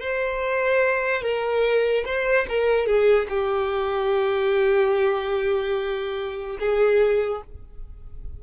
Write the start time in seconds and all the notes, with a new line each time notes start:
0.00 C5
1.21 A#4
2.05 C5
2.48 A#4
2.86 G#4
3.29 G4
6.59 G#4